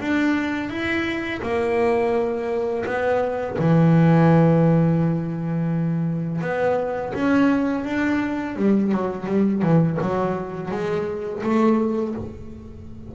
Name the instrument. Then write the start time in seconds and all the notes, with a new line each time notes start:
double bass
0.00 D4
0.70 E4
1.43 A#3
2.86 B3
3.59 E3
6.42 B3
7.14 C#4
7.85 D4
8.56 G3
8.92 F#3
9.27 G3
9.62 E3
10.01 F#3
10.71 G#3
11.44 A3